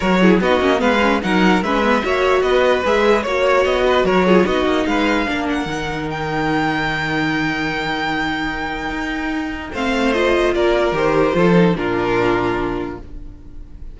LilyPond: <<
  \new Staff \with { instrumentName = "violin" } { \time 4/4 \tempo 4 = 148 cis''4 dis''4 f''4 fis''4 | e''2 dis''4 e''4 | cis''4 dis''4 cis''4 dis''4 | f''4. fis''4. g''4~ |
g''1~ | g''1 | f''4 dis''4 d''4 c''4~ | c''4 ais'2. | }
  \new Staff \with { instrumentName = "violin" } { \time 4/4 ais'8 gis'8 fis'4 b'4 ais'4 | b'4 cis''4 b'2 | cis''4. b'8 ais'8 gis'8 fis'4 | b'4 ais'2.~ |
ais'1~ | ais'1 | c''2 ais'2 | a'4 f'2. | }
  \new Staff \with { instrumentName = "viola" } { \time 4/4 fis'8 e'8 dis'8 cis'8 b8 cis'8 dis'4 | cis'8 b8 fis'2 gis'4 | fis'2~ fis'8 f'8 dis'4~ | dis'4 d'4 dis'2~ |
dis'1~ | dis'1 | c'4 f'2 g'4 | f'8 dis'8 d'2. | }
  \new Staff \with { instrumentName = "cello" } { \time 4/4 fis4 b8 ais8 gis4 fis4 | gis4 ais4 b4 gis4 | ais4 b4 fis4 b8 ais8 | gis4 ais4 dis2~ |
dis1~ | dis2 dis'2 | a2 ais4 dis4 | f4 ais,2. | }
>>